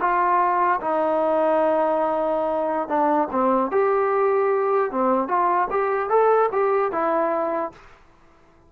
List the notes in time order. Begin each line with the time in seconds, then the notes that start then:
0.00 F4
0.81 D#4
2.88 D4
3.31 C4
3.71 G4
4.91 C4
5.28 F4
5.70 G4
6.09 A4
6.52 G4
6.92 E4